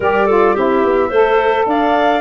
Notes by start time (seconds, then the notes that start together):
0.00 G3 G4 A#4 D5
0.26 F4 A4
0.54 C4 E4 G4 E5
0.83 B3
1.08 A3 A4 C5
1.66 D4 D5 F5